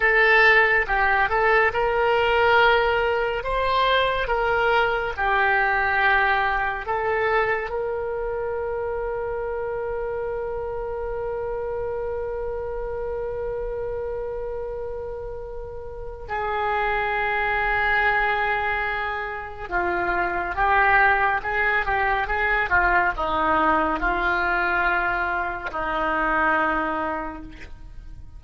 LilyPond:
\new Staff \with { instrumentName = "oboe" } { \time 4/4 \tempo 4 = 70 a'4 g'8 a'8 ais'2 | c''4 ais'4 g'2 | a'4 ais'2.~ | ais'1~ |
ais'2. gis'4~ | gis'2. f'4 | g'4 gis'8 g'8 gis'8 f'8 dis'4 | f'2 dis'2 | }